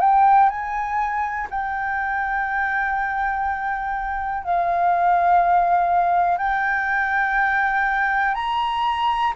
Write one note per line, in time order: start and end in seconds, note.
0.00 0.49 G5
0.49 1.48 G#5
1.50 4.44 G5
4.44 6.38 F5
6.38 8.34 G5
8.34 9.33 A#5